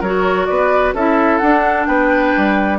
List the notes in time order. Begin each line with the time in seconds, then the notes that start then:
0.00 F#3 F#4 A#4 C#5
0.46 B3 B4 D5
0.93 C#4 E4 A4 E5
1.38 D4 F#5
1.85 B3 B4 G5
2.37 G3